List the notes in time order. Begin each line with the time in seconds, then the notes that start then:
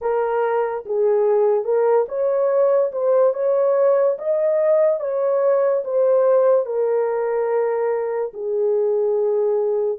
0.01 A#4
0.85 G#4
1.64 A#4
2.08 C#5
2.92 C5
3.33 C#5
4.18 D#5
5.00 C#5
5.84 C5
6.65 A#4
8.33 G#4